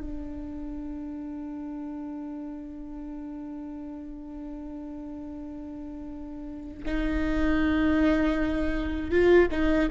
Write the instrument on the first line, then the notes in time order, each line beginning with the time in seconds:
viola
0.00 D4
6.85 D#4
9.10 F4
9.51 D#4